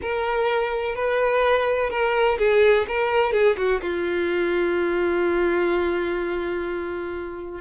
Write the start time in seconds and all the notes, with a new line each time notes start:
0.01 A#4
0.95 B4
1.90 A#4
2.38 G#4
2.87 A#4
3.32 G#4
3.57 F#4
3.81 F4